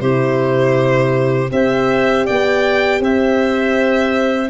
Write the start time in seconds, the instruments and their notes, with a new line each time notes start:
0.00 tuba C3, horn E4, clarinet G4, violin C5
1.50 tuba C4, horn G4, clarinet C5, violin E5
2.25 tuba B3, clarinet D5, violin G5
3.00 tuba C4, clarinet C5, violin E5